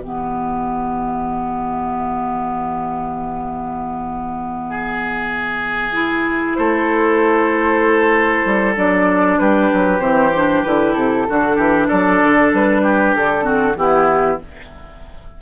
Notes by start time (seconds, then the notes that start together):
0.00 E3 B3 G4 E5
4.70 G#4
5.93 E4
6.55 A3 A4 C5
8.45 G3
8.75 F#3 D4 D5
9.39 G3 G4 B4
9.73 F#3
9.99 E3 C4 C5
10.36 D4
10.63 D3 E4 B4
10.93 C3 A4
11.28 D3 D4 F#4
11.56 E3 G4
11.88 F#3 A4 D5
12.22 D3
12.53 G3 B4
12.82 G4
13.15 D3 A4
13.41 C4 F#4
13.75 E3 B3 E4 G4